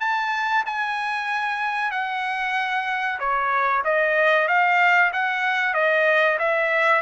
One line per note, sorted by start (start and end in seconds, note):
0.00 0.64 A5
0.66 1.91 G#5
1.91 3.19 F#5
3.19 3.83 C#5
3.84 4.48 D#5
4.48 5.12 F5
5.13 5.74 F#5
5.74 6.38 D#5
6.39 7.02 E5